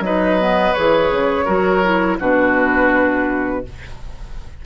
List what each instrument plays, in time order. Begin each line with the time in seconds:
0.00 bassoon F#3, clarinet D#4, oboe B4, flute D#5
0.40 clarinet B3
0.73 bassoon E3, clarinet G#4, flute C#5
1.11 bassoon C#3
1.45 bassoon F#3, clarinet F#4, oboe A#4
1.84 clarinet E4
2.20 bassoon B2, clarinet D4, oboe F#4, flute B4